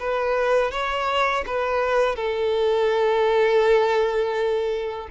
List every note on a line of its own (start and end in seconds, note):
0.00 0.72 B4
0.72 1.45 C#5
1.47 2.16 B4
2.16 5.09 A4